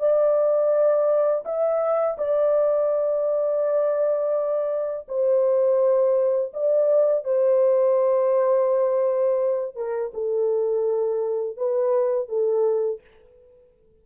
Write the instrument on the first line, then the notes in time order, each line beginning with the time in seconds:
horn
0.00 D5
1.45 E5
2.19 D5
5.09 C5
6.54 D5
7.25 C5
9.76 A#4
10.14 A4
11.58 B4
12.29 A4